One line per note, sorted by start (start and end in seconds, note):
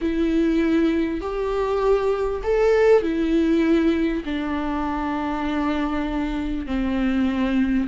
0.01 1.20 E4
1.20 2.42 G4
2.43 3.02 A4
3.02 4.23 E4
4.24 6.66 D4
6.66 7.87 C4